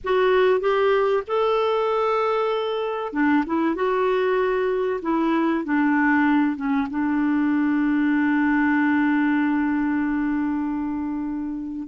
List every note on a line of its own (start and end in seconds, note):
0.03 0.60 F#4
0.60 1.23 G4
1.27 3.12 A4
3.12 3.44 D4
3.46 3.75 E4
3.75 5.00 F#4
5.02 5.64 E4
5.64 6.56 D4
6.56 6.87 C#4
6.89 11.88 D4